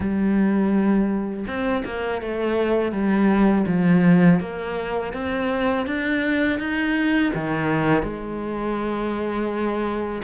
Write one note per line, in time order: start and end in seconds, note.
0.00 1.45 G3
1.47 1.83 C4
1.85 2.21 A#3
2.21 2.91 A3
2.91 3.65 G3
3.67 4.40 F3
4.40 5.13 A#3
5.13 5.86 C4
5.86 6.59 D4
6.59 7.32 D#4
7.34 8.02 D#3
8.02 10.22 G#3